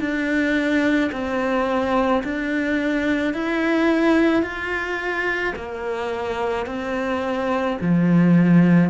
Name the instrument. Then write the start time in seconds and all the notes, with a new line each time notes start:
cello
0.00 D4
1.12 C4
2.23 D4
3.34 E4
4.42 F4
5.56 A#3
6.67 C4
7.81 F3